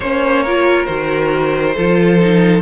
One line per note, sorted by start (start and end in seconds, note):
0.00 0.86 A#3
0.00 0.46 C#4
0.00 0.43 C5
0.00 0.85 C#5
0.43 0.86 F4
0.43 1.74 A#4
0.85 1.76 D#3
0.85 1.74 F#4
0.85 2.61 C5
1.74 2.61 F3
1.74 2.19 F4
1.74 2.61 A4
2.19 2.61 D#4